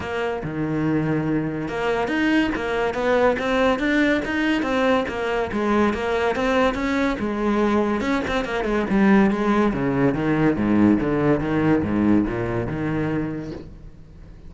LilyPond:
\new Staff \with { instrumentName = "cello" } { \time 4/4 \tempo 4 = 142 ais4 dis2. | ais4 dis'4 ais4 b4 | c'4 d'4 dis'4 c'4 | ais4 gis4 ais4 c'4 |
cis'4 gis2 cis'8 c'8 | ais8 gis8 g4 gis4 cis4 | dis4 gis,4 d4 dis4 | gis,4 ais,4 dis2 | }